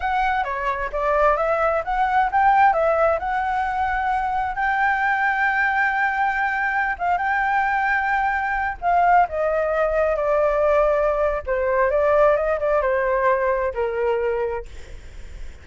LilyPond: \new Staff \with { instrumentName = "flute" } { \time 4/4 \tempo 4 = 131 fis''4 cis''4 d''4 e''4 | fis''4 g''4 e''4 fis''4~ | fis''2 g''2~ | g''2.~ g''16 f''8 g''16~ |
g''2.~ g''16 f''8.~ | f''16 dis''2 d''4.~ d''16~ | d''4 c''4 d''4 dis''8 d''8 | c''2 ais'2 | }